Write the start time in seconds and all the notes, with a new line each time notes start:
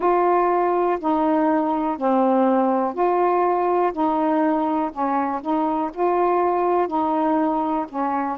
0.00 F4
1.00 D#4
1.97 C4
2.94 F4
3.92 D#4
4.92 C#4
5.41 D#4
5.93 F4
6.87 D#4
7.88 C#4